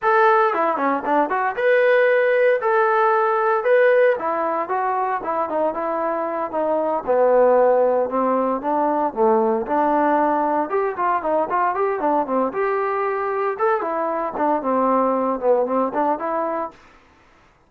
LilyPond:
\new Staff \with { instrumentName = "trombone" } { \time 4/4 \tempo 4 = 115 a'4 e'8 cis'8 d'8 fis'8 b'4~ | b'4 a'2 b'4 | e'4 fis'4 e'8 dis'8 e'4~ | e'8 dis'4 b2 c'8~ |
c'8 d'4 a4 d'4.~ | d'8 g'8 f'8 dis'8 f'8 g'8 d'8 c'8 | g'2 a'8 e'4 d'8 | c'4. b8 c'8 d'8 e'4 | }